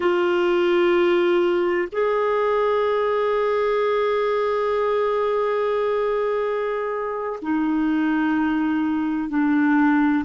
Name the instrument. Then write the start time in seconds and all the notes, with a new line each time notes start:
clarinet
0.00 F4
1.92 G#4
7.42 D#4
9.29 D4